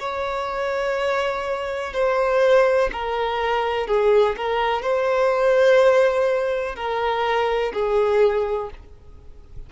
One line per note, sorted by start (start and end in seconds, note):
0.00 1.94 C#5
1.94 2.90 C5
2.93 3.88 A#4
3.88 4.36 G#4
4.37 4.82 A#4
4.82 6.76 C5
6.76 7.72 A#4
7.74 8.71 G#4